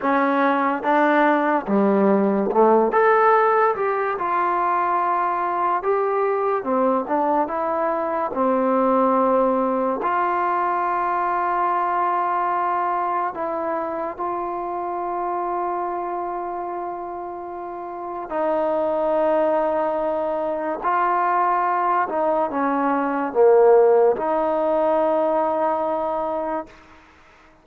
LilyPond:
\new Staff \with { instrumentName = "trombone" } { \time 4/4 \tempo 4 = 72 cis'4 d'4 g4 a8 a'8~ | a'8 g'8 f'2 g'4 | c'8 d'8 e'4 c'2 | f'1 |
e'4 f'2.~ | f'2 dis'2~ | dis'4 f'4. dis'8 cis'4 | ais4 dis'2. | }